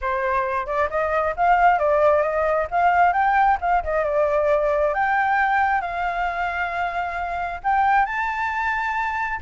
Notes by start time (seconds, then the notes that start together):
0.01 C5
0.66 D5
0.90 D#5
1.36 F5
1.78 D5
2.22 D#5
2.70 F5
3.12 G5
3.60 F5
3.83 D#5
4.04 D5
4.94 G5
5.81 F5
7.63 G5
8.05 A5